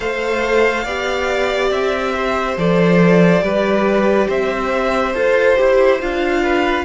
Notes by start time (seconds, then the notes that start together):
0.00 A3 A4 C5 F5
0.83 B3 G4 D5
1.70 C4 E5
2.15 C5
2.57 F3 A4 D5
3.41 G3 G4 B4
4.27 C4 C5 E5
5.14 F4 A4 C5
5.56 E4 G4
6.00 D4 F4 F5
6.42 B4